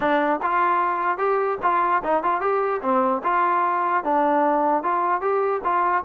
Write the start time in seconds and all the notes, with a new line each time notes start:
0.00 D4
0.42 F4
1.18 G4
1.62 F4
2.03 D#4
2.23 F4
2.41 G4
2.82 C4
3.23 F4
4.04 D4
4.83 F4
5.21 G4
5.64 F4